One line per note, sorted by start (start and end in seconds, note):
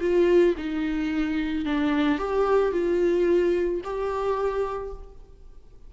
0.00 0.55 F4
0.57 1.65 D#4
1.65 2.18 D4
2.18 2.72 G4
2.72 3.81 F4
3.84 4.93 G4